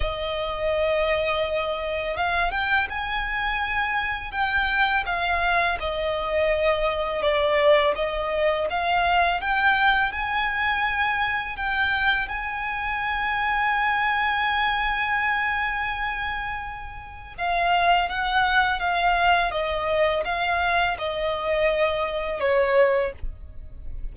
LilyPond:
\new Staff \with { instrumentName = "violin" } { \time 4/4 \tempo 4 = 83 dis''2. f''8 g''8 | gis''2 g''4 f''4 | dis''2 d''4 dis''4 | f''4 g''4 gis''2 |
g''4 gis''2.~ | gis''1 | f''4 fis''4 f''4 dis''4 | f''4 dis''2 cis''4 | }